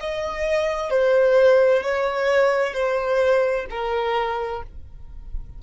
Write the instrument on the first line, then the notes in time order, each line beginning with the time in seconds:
violin
0.00 D#5
0.90 C5
1.82 C#5
2.73 C5
3.70 A#4